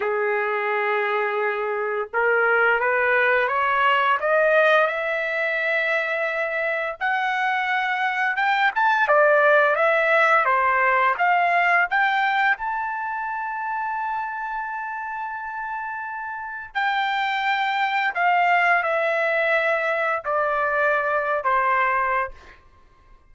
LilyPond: \new Staff \with { instrumentName = "trumpet" } { \time 4/4 \tempo 4 = 86 gis'2. ais'4 | b'4 cis''4 dis''4 e''4~ | e''2 fis''2 | g''8 a''8 d''4 e''4 c''4 |
f''4 g''4 a''2~ | a''1 | g''2 f''4 e''4~ | e''4 d''4.~ d''16 c''4~ c''16 | }